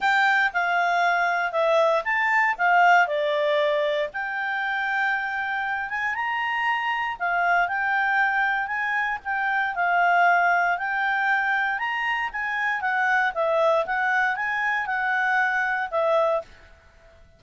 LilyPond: \new Staff \with { instrumentName = "clarinet" } { \time 4/4 \tempo 4 = 117 g''4 f''2 e''4 | a''4 f''4 d''2 | g''2.~ g''8 gis''8 | ais''2 f''4 g''4~ |
g''4 gis''4 g''4 f''4~ | f''4 g''2 ais''4 | gis''4 fis''4 e''4 fis''4 | gis''4 fis''2 e''4 | }